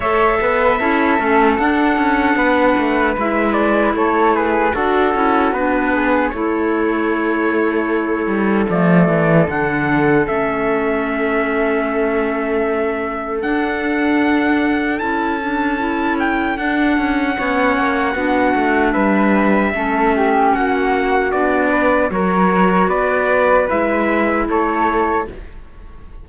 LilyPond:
<<
  \new Staff \with { instrumentName = "trumpet" } { \time 4/4 \tempo 4 = 76 e''2 fis''2 | e''8 d''8 cis''8 b'8 a'4 b'4 | cis''2. d''4 | fis''4 e''2.~ |
e''4 fis''2 a''4~ | a''8 g''8 fis''2. | e''2 fis''4 d''4 | cis''4 d''4 e''4 cis''4 | }
  \new Staff \with { instrumentName = "flute" } { \time 4/4 cis''8 b'8 a'2 b'4~ | b'4 a'8 gis'8 fis'4. gis'8 | a'1~ | a'1~ |
a'1~ | a'2 cis''4 fis'4 | b'4 a'8 g'8 fis'4. b'8 | ais'4 b'2 a'4 | }
  \new Staff \with { instrumentName = "clarinet" } { \time 4/4 a'4 e'8 cis'8 d'2 | e'2 fis'8 e'8 d'4 | e'2. a4 | d'4 cis'2.~ |
cis'4 d'2 e'8 d'8 | e'4 d'4 cis'4 d'4~ | d'4 cis'2 d'4 | fis'2 e'2 | }
  \new Staff \with { instrumentName = "cello" } { \time 4/4 a8 b8 cis'8 a8 d'8 cis'8 b8 a8 | gis4 a4 d'8 cis'8 b4 | a2~ a8 g8 f8 e8 | d4 a2.~ |
a4 d'2 cis'4~ | cis'4 d'8 cis'8 b8 ais8 b8 a8 | g4 a4 ais4 b4 | fis4 b4 gis4 a4 | }
>>